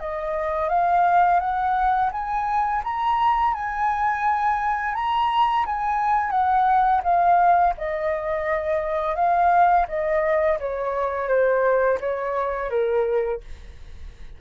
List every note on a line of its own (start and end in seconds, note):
0.00 0.70 D#5
0.70 1.40 F5
1.40 2.11 F#5
2.12 2.83 G#5
2.84 3.54 A#5
3.54 4.95 G#5
4.95 5.66 A#5
5.66 6.31 G#5
6.31 7.02 F#5
7.04 7.74 F5
7.78 9.16 D#5
9.16 9.86 F5
9.88 10.59 D#5
10.60 11.28 C#5
11.28 11.99 C5
12.01 12.70 C#5
12.70 13.41 A#4